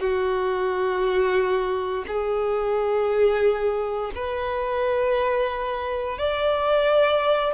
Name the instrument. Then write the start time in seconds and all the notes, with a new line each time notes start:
violin
0.00 F#4
2.08 G#4
4.15 B4
6.18 D5